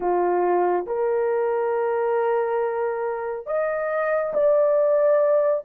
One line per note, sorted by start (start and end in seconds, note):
0.00 0.85 F4
0.86 3.46 A#4
3.46 4.33 D#5
4.33 5.64 D5